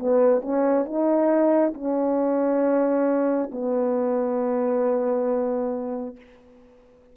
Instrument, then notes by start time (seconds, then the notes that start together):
horn
0.00 B3
0.42 C#4
0.85 D#4
1.74 C#4
3.52 B3